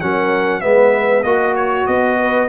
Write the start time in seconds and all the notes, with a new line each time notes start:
0.00 F#3 C#4 A#4 F#5
0.60 G#3 B3 B4 E5
1.23 A#3 F#4 D#5
1.56 C#5
1.86 B3 D#5
2.19 B4